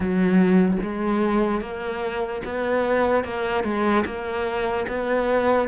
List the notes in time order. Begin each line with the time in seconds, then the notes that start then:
0.00 F#3
0.82 G#3
1.61 A#3
2.44 B3
3.24 A#3
3.63 G#3
4.05 A#3
4.88 B3